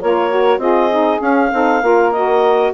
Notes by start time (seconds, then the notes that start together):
0.00 A#3 F4 A#4 C#5
0.29 F#4
0.57 C4 F4 G#4 D#5
0.90 D#4
1.18 C#4 F5
1.52 C4 D#4 A4
1.82 A#3 F4 A#4
2.11 F#4 D#5